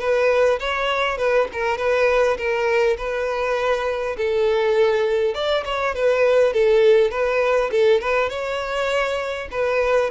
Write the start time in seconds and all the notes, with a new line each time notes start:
0.00 B4
0.59 C#5
1.18 B4
1.53 A#4
1.78 B4
2.38 A#4
2.98 B4
4.17 A4
5.34 D5
5.65 C#5
5.95 B4
6.53 A4
7.11 B4
7.71 A4
8.01 B4
8.30 C#5
9.51 B4